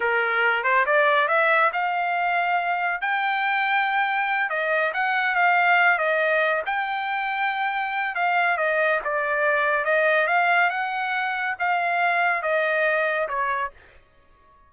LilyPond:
\new Staff \with { instrumentName = "trumpet" } { \time 4/4 \tempo 4 = 140 ais'4. c''8 d''4 e''4 | f''2. g''4~ | g''2~ g''8 dis''4 fis''8~ | fis''8 f''4. dis''4. g''8~ |
g''2. f''4 | dis''4 d''2 dis''4 | f''4 fis''2 f''4~ | f''4 dis''2 cis''4 | }